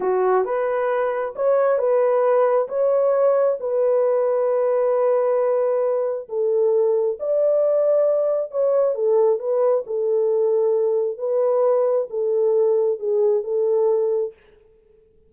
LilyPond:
\new Staff \with { instrumentName = "horn" } { \time 4/4 \tempo 4 = 134 fis'4 b'2 cis''4 | b'2 cis''2 | b'1~ | b'2 a'2 |
d''2. cis''4 | a'4 b'4 a'2~ | a'4 b'2 a'4~ | a'4 gis'4 a'2 | }